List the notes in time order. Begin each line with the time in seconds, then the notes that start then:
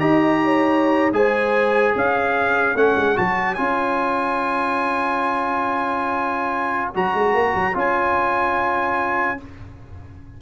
0.00 D#4 G4 D#5 A#5
0.44 C#5
1.13 G#3 G#4 C5 G#5
1.96 C#4 C#5 F5
2.75 A3 C#4 F#5
2.96 G#3
3.16 F#3 F#4 A5
3.55 C#4 F4 G#5
6.95 F#3 F#4 A#5
7.14 G#3
7.34 A#3
7.55 F#3
7.74 C#4 F4 G#5